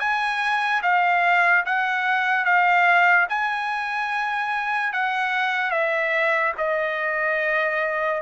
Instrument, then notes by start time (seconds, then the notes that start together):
trumpet
0.00 G#5
0.83 F5
1.66 F#5
2.45 F5
3.30 G#5
4.93 F#5
5.71 E5
6.58 D#5